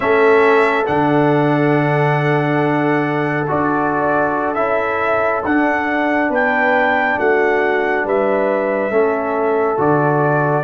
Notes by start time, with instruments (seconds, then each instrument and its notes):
0.00 tuba A3, trombone C#4, horn A4, trumpet E5
0.85 tuba D3, trombone D4, trumpet F#5
3.47 tuba D4, trombone F#4, trumpet D5
4.54 tuba C#4, trombone E4, trumpet E5
5.44 tuba D4, trombone D4, trumpet F#5
6.29 tuba B3, horn B4, trumpet G5
7.18 tuba A3, horn F#4, trumpet F#5
8.04 tuba G3, horn B4, trumpet E5
8.90 tuba A3, trombone C#4, horn A4
9.77 tuba D3, trombone F#4, trumpet D5